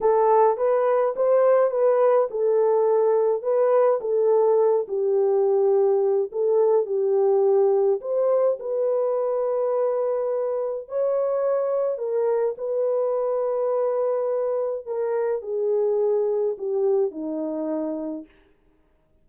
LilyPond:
\new Staff \with { instrumentName = "horn" } { \time 4/4 \tempo 4 = 105 a'4 b'4 c''4 b'4 | a'2 b'4 a'4~ | a'8 g'2~ g'8 a'4 | g'2 c''4 b'4~ |
b'2. cis''4~ | cis''4 ais'4 b'2~ | b'2 ais'4 gis'4~ | gis'4 g'4 dis'2 | }